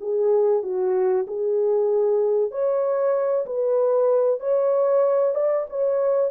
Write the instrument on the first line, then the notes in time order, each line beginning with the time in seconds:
horn
0.00 G#4
0.62 F#4
1.27 G#4
2.51 C#5
3.46 B4
4.40 C#5
5.34 D5
5.69 C#5